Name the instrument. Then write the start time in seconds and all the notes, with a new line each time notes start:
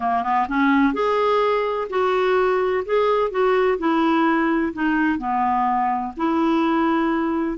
clarinet
0.00 A#3
0.23 B3
0.48 C#4
0.93 G#4
1.89 F#4
2.85 G#4
3.30 F#4
3.78 E4
4.73 D#4
5.18 B3
6.17 E4